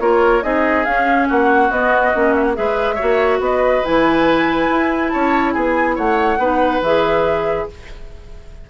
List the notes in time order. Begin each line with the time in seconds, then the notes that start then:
0.00 A#3 F4 A#4 C#5
0.43 C4 D#4 G#4 D#5
0.85 C#4 F5
1.28 A#3 F#4 F#5
1.70 B3 D#5
2.14 A#3 C#4
2.35 E5
2.44 F#5
2.54 G#3 G#4 B4 E5
2.95 F#4 C#5
3.02 A#3
3.40 B3 B4 D#5
3.84 E3 E4 G#5
4.70 E4
5.10 C#4 C#5 A5
5.53 B3 G#4 G#5
5.96 A3 C#5 F#5
6.38 B3 D#4 B4
6.82 E3 G#4 E5